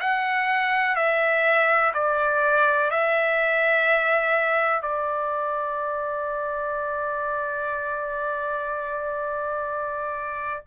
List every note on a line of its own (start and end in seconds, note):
0.00 0.95 F#5
0.95 1.92 E5
1.94 2.90 D5
2.90 4.81 E5
4.81 10.62 D5